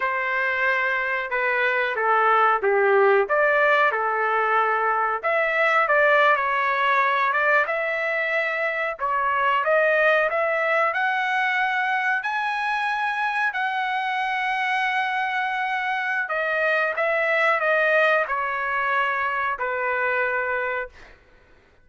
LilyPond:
\new Staff \with { instrumentName = "trumpet" } { \time 4/4 \tempo 4 = 92 c''2 b'4 a'4 | g'4 d''4 a'2 | e''4 d''8. cis''4. d''8 e''16~ | e''4.~ e''16 cis''4 dis''4 e''16~ |
e''8. fis''2 gis''4~ gis''16~ | gis''8. fis''2.~ fis''16~ | fis''4 dis''4 e''4 dis''4 | cis''2 b'2 | }